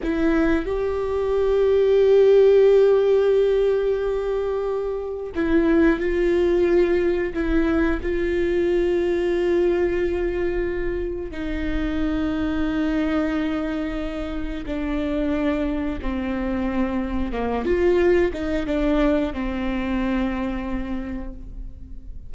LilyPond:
\new Staff \with { instrumentName = "viola" } { \time 4/4 \tempo 4 = 90 e'4 g'2.~ | g'1 | e'4 f'2 e'4 | f'1~ |
f'4 dis'2.~ | dis'2 d'2 | c'2 ais8 f'4 dis'8 | d'4 c'2. | }